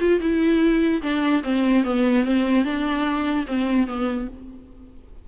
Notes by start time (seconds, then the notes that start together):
0.00 F4
0.20 E4
1.02 D4
1.43 C4
1.84 B3
2.24 C4
2.64 D4
3.47 C4
3.87 B3